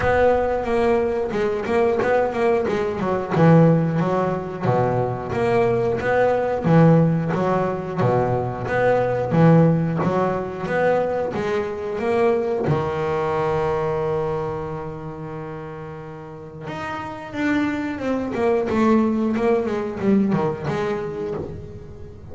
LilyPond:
\new Staff \with { instrumentName = "double bass" } { \time 4/4 \tempo 4 = 90 b4 ais4 gis8 ais8 b8 ais8 | gis8 fis8 e4 fis4 b,4 | ais4 b4 e4 fis4 | b,4 b4 e4 fis4 |
b4 gis4 ais4 dis4~ | dis1~ | dis4 dis'4 d'4 c'8 ais8 | a4 ais8 gis8 g8 dis8 gis4 | }